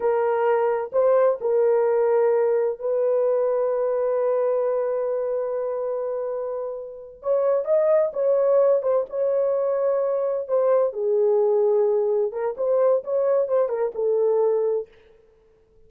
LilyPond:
\new Staff \with { instrumentName = "horn" } { \time 4/4 \tempo 4 = 129 ais'2 c''4 ais'4~ | ais'2 b'2~ | b'1~ | b'2.~ b'8 cis''8~ |
cis''8 dis''4 cis''4. c''8 cis''8~ | cis''2~ cis''8 c''4 gis'8~ | gis'2~ gis'8 ais'8 c''4 | cis''4 c''8 ais'8 a'2 | }